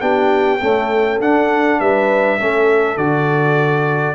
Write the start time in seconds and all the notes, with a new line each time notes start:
0.00 B3 D4 G4 G5
0.61 A3 C#4 A4
1.20 D4 F#5
1.80 G3 B4 E5
2.38 A3 C#4 A4
2.97 D3 F#4 D5